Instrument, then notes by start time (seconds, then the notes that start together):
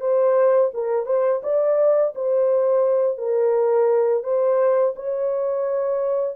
horn
0.00 C5
0.73 A#4
1.06 C5
1.43 D5
2.15 C5
3.18 A#4
4.23 C5
4.96 C#5